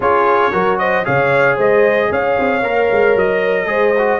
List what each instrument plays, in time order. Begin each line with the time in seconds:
0.00 tuba C#4, trombone F4, horn G#4, trumpet C#5
0.52 tuba F#3, trombone F#4, horn A#4
0.78 horn C5, trumpet D#5
1.04 tuba C#3, trombone G#4, horn C#5, trumpet F5
1.56 tuba G#3, horn C5, trumpet D#5
2.10 tuba C#4, horn C#5, trumpet F5
2.38 tuba C4
2.62 tuba A#3, trombone A#4
2.91 tuba G#3
3.15 tuba F#3, trumpet D#5
3.66 tuba G#3, trombone G#4, horn C5
3.98 trombone F#4